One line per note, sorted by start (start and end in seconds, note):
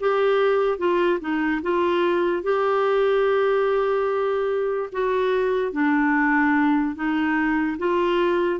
0.00 0.78 G4
0.78 1.19 F4
1.20 1.61 D#4
1.62 2.43 F4
2.43 4.89 G4
4.92 5.72 F#4
5.72 6.95 D4
6.95 7.77 D#4
7.78 8.60 F4